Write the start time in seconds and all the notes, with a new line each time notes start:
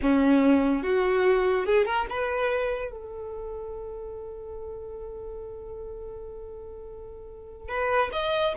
0.02 C#4
0.82 F#4
1.65 G#4
1.85 A#4
2.09 B4
2.91 A4
7.68 B4
8.12 D#5